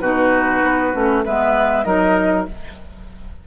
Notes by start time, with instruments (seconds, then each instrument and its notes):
0.00 bassoon B2, clarinet D#4, oboe F#4, flute B4
0.63 bassoon B3
0.93 bassoon A3, clarinet C#4
1.25 bassoon G#3, clarinet B3, oboe B4, flute E5
1.84 bassoon F#3, clarinet D#4, oboe A#4, flute D#5